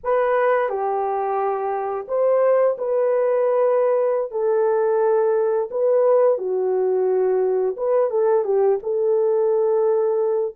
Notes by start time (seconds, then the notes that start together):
0.03 B4
0.69 G4
2.08 C5
2.77 B4
4.31 A4
5.71 B4
6.38 F#4
7.76 B4
8.10 A4
8.44 G4
8.82 A4